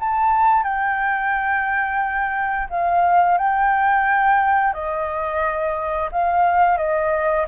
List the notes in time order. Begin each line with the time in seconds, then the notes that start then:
0.00 A5
0.64 G5
2.70 F5
3.38 G5
4.73 D#5
6.12 F5
6.77 D#5